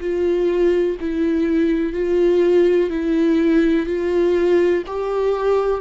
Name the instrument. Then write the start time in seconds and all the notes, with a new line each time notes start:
viola
0.00 F4
1.00 E4
1.93 F4
2.89 E4
3.86 F4
4.87 G4